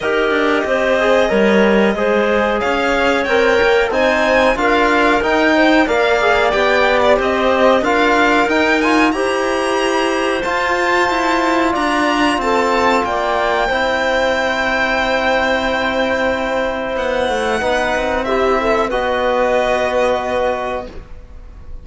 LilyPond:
<<
  \new Staff \with { instrumentName = "violin" } { \time 4/4 \tempo 4 = 92 dis''1 | f''4 g''4 gis''4 f''4 | g''4 f''4 g''8. d''16 dis''4 | f''4 g''8 gis''8 ais''2 |
a''2 ais''4 a''4 | g''1~ | g''2 fis''2 | e''4 dis''2. | }
  \new Staff \with { instrumentName = "clarinet" } { \time 4/4 ais'4 c''4 cis''4 c''4 | cis''2 c''4 ais'4~ | ais'8 c''8 d''2 c''4 | ais'2 c''2~ |
c''2 d''4 a'4 | d''4 c''2.~ | c''2. b'4 | g'8 a'8 b'2. | }
  \new Staff \with { instrumentName = "trombone" } { \time 4/4 g'4. gis'8 ais'4 gis'4~ | gis'4 ais'4 dis'4 f'4 | dis'4 ais'8 gis'8 g'2 | f'4 dis'8 f'8 g'2 |
f'1~ | f'4 e'2.~ | e'2. dis'4 | e'4 fis'2. | }
  \new Staff \with { instrumentName = "cello" } { \time 4/4 dis'8 d'8 c'4 g4 gis4 | cis'4 c'8 ais8 c'4 d'4 | dis'4 ais4 b4 c'4 | d'4 dis'4 e'2 |
f'4 e'4 d'4 c'4 | ais4 c'2.~ | c'2 b8 a8 b8 c'8~ | c'4 b2. | }
>>